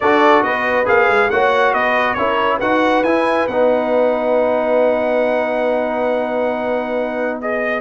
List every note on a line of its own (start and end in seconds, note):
0.00 0.43 D4
0.00 0.85 F#4
0.00 0.44 A4
0.00 0.43 D5
0.43 0.86 B3
0.43 1.31 B4
0.43 0.86 D#5
0.85 1.08 A#3
0.85 1.29 G#4
0.85 1.30 F5
1.08 1.30 G#3
1.30 1.73 A#3
1.30 2.17 F#4
1.30 1.73 C#5
1.30 1.73 F#5
1.73 2.16 B3
1.73 2.16 B4
1.73 2.14 D#5
2.14 2.60 C#4
2.14 2.61 E4
2.14 2.57 A#4
2.14 2.57 C#5
2.57 3.02 D#4
2.57 3.04 F#4
2.57 7.79 B4
2.57 3.03 F#5
3.02 3.46 E4
3.02 3.49 E4
3.02 3.47 G#5
3.47 7.80 B3
3.47 7.42 D#4
3.47 7.39 F#5
7.41 7.80 G#4
7.41 7.80 D#5